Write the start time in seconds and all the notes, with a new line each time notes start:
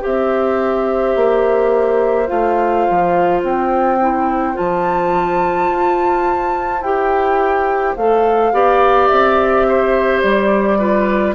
0.00 C4 G4 C5 E5
1.15 A#3
2.27 A3 F4 F5
2.90 F3
3.42 C4 G5
4.00 E4
4.53 F3 F4 A5
5.69 F4
6.81 E4 G4 G5
7.96 A3 A4 F5
8.52 B3 G4 D5
9.07 C4 E5
9.67 C5
10.21 G3 D5
10.78 F4 B4